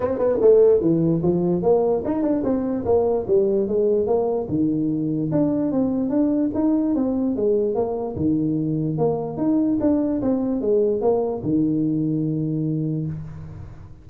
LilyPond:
\new Staff \with { instrumentName = "tuba" } { \time 4/4 \tempo 4 = 147 c'8 b8 a4 e4 f4 | ais4 dis'8 d'8 c'4 ais4 | g4 gis4 ais4 dis4~ | dis4 d'4 c'4 d'4 |
dis'4 c'4 gis4 ais4 | dis2 ais4 dis'4 | d'4 c'4 gis4 ais4 | dis1 | }